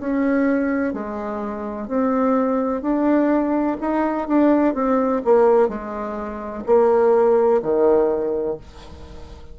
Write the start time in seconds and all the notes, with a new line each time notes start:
0.00 C#4
0.94 G#3
1.88 C4
2.82 D4
3.81 D#4
4.28 D4
4.74 C4
5.25 A#3
5.69 G#3
6.66 A#3
7.62 D#3